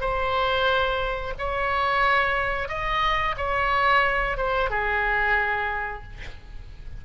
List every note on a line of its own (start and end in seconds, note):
0.00 1.33 C5
1.38 2.68 C#5
2.68 3.35 D#5
3.37 4.37 C#5
4.37 4.69 C5
4.69 6.03 G#4